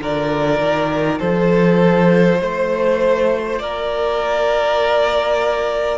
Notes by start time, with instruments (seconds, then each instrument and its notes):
0.00 cello D3, viola F4, violin A#4 D5
0.60 cello D#3
1.19 cello F3, violin A4 C5
2.40 cello A3, violin C5
3.59 cello A#3, violin A#4 D5